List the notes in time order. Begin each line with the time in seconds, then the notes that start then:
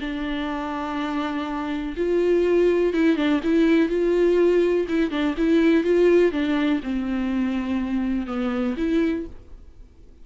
0.00 D4
1.96 F4
2.93 E4
3.16 D4
3.43 E4
3.89 F4
4.88 E4
5.10 D4
5.37 E4
5.83 F4
6.31 D4
6.82 C4
8.26 B3
8.77 E4